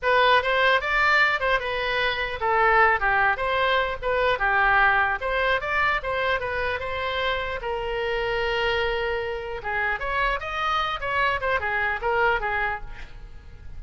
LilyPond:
\new Staff \with { instrumentName = "oboe" } { \time 4/4 \tempo 4 = 150 b'4 c''4 d''4. c''8 | b'2 a'4. g'8~ | g'8 c''4. b'4 g'4~ | g'4 c''4 d''4 c''4 |
b'4 c''2 ais'4~ | ais'1 | gis'4 cis''4 dis''4. cis''8~ | cis''8 c''8 gis'4 ais'4 gis'4 | }